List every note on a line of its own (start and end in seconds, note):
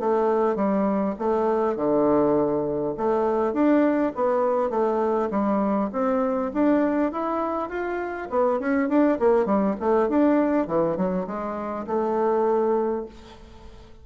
0.00 0.56 A3
0.56 1.15 G3
1.19 1.76 A3
1.76 2.95 D3
2.98 3.54 A3
3.54 4.13 D4
4.16 4.70 B3
4.70 5.30 A3
5.31 5.90 G3
5.93 6.52 C4
6.54 7.13 D4
7.13 7.70 E4
7.70 8.29 F4
8.30 8.60 B3
8.60 8.89 C#4
8.89 9.19 D4
9.20 9.46 A#3
9.46 9.76 G3
9.80 10.09 A3
10.09 10.68 D4
10.68 10.97 E3
10.97 11.27 F#3
11.27 11.86 G#3
11.87 13.06 A3